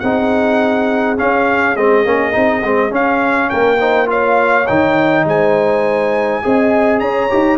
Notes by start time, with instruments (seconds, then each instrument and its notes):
0.00 tuba C4, trombone D#4, horn G#4, trumpet F#5
1.18 trombone C#4, tuba C#4, trumpet F5
1.77 tuba G#3, trombone C4, trumpet D#5
2.05 tuba A#3, trombone C#4
2.32 tuba C4, trombone D#4
2.63 tuba G#3, trombone C4
2.90 trombone C#4, tuba C#4, trumpet F5
3.50 tuba A#3, horn A#4, trumpet G5
3.80 trombone D#4, horn C5
4.06 trombone F4, horn C#5, trumpet F5
4.67 tuba D#3, trombone D#4, trumpet G5
5.25 tuba G#3, horn C5, trumpet G#5
6.43 tuba C4, trombone G#4, horn D#5
7.00 tuba C#4, horn C#5, trumpet A#5
7.30 tuba D#4, trombone G4